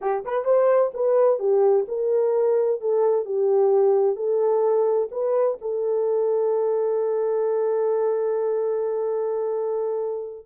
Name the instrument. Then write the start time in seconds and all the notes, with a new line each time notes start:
horn
0.01 G4
0.24 B4
0.44 C5
0.94 B4
1.39 G4
1.88 A#4
2.80 A4
3.25 G4
4.15 A4
5.11 B4
5.61 A4